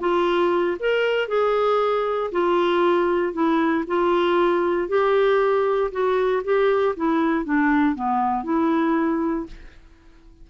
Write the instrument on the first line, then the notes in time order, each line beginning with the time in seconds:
clarinet
0.00 F4
0.79 A#4
1.28 G#4
2.31 F4
3.33 E4
3.87 F4
4.88 G4
5.91 F#4
6.44 G4
6.96 E4
7.45 D4
7.95 B3
8.44 E4